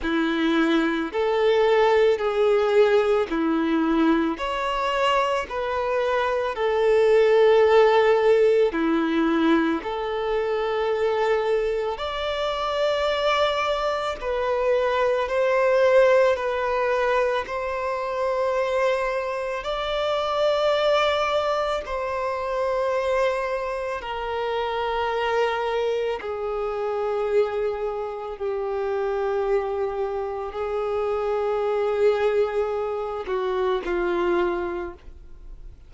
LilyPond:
\new Staff \with { instrumentName = "violin" } { \time 4/4 \tempo 4 = 55 e'4 a'4 gis'4 e'4 | cis''4 b'4 a'2 | e'4 a'2 d''4~ | d''4 b'4 c''4 b'4 |
c''2 d''2 | c''2 ais'2 | gis'2 g'2 | gis'2~ gis'8 fis'8 f'4 | }